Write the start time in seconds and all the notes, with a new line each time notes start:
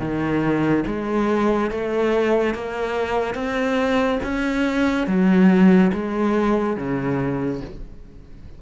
0.00 D#3
0.87 G#3
1.71 A3
2.55 A#3
3.35 C4
4.24 C#4
5.07 F#3
5.93 G#3
6.77 C#3